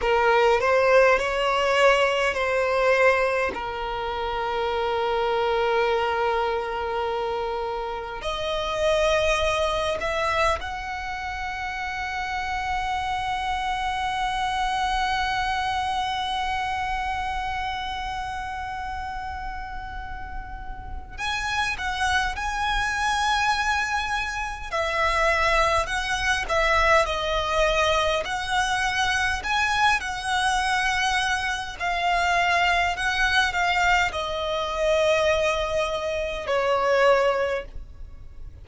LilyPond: \new Staff \with { instrumentName = "violin" } { \time 4/4 \tempo 4 = 51 ais'8 c''8 cis''4 c''4 ais'4~ | ais'2. dis''4~ | dis''8 e''8 fis''2.~ | fis''1~ |
fis''2 gis''8 fis''8 gis''4~ | gis''4 e''4 fis''8 e''8 dis''4 | fis''4 gis''8 fis''4. f''4 | fis''8 f''8 dis''2 cis''4 | }